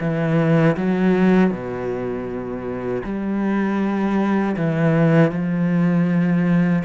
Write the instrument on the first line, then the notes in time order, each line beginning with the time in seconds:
cello
0.00 E3
0.77 F#3
1.51 B2
3.04 G3
4.57 E3
5.31 F3